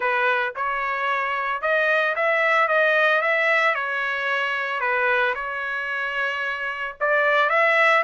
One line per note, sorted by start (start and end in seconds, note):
0.00 0.53 B4
0.55 1.61 C#5
1.61 2.15 D#5
2.15 2.68 E5
2.68 3.21 D#5
3.21 3.74 E5
3.74 4.80 C#5
4.80 5.34 B4
5.34 6.95 C#5
7.00 7.49 D5
7.49 8.03 E5